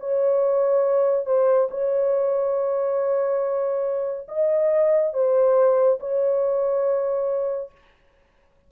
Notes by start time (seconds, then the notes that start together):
0.00 C#5
1.26 C5
1.71 C#5
4.29 D#5
5.14 C5
6.00 C#5